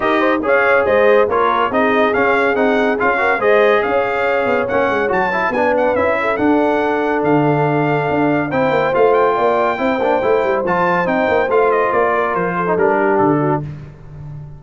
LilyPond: <<
  \new Staff \with { instrumentName = "trumpet" } { \time 4/4 \tempo 4 = 141 dis''4 f''4 dis''4 cis''4 | dis''4 f''4 fis''4 f''4 | dis''4 f''2 fis''4 | a''4 gis''8 fis''8 e''4 fis''4~ |
fis''4 f''2. | g''4 f''8 g''2~ g''8~ | g''4 a''4 g''4 f''8 dis''8 | d''4 c''4 ais'4 a'4 | }
  \new Staff \with { instrumentName = "horn" } { \time 4/4 ais'8 c''8 cis''4 c''4 ais'4 | gis'2.~ gis'8 ais'8 | c''4 cis''2.~ | cis''4 b'4. a'4.~ |
a'1 | c''2 d''4 c''4~ | c''1~ | c''8 ais'4 a'4 g'4 fis'8 | }
  \new Staff \with { instrumentName = "trombone" } { \time 4/4 g'4 gis'2 f'4 | dis'4 cis'4 dis'4 f'8 fis'8 | gis'2. cis'4 | fis'8 e'8 d'4 e'4 d'4~ |
d'1 | e'4 f'2 e'8 d'8 | e'4 f'4 dis'4 f'4~ | f'4.~ f'16 dis'16 d'2 | }
  \new Staff \with { instrumentName = "tuba" } { \time 4/4 dis'4 cis'4 gis4 ais4 | c'4 cis'4 c'4 cis'4 | gis4 cis'4. b8 ais8 gis8 | fis4 b4 cis'4 d'4~ |
d'4 d2 d'4 | c'8 ais8 a4 ais4 c'8 ais8 | a8 g8 f4 c'8 ais8 a4 | ais4 f4 g4 d4 | }
>>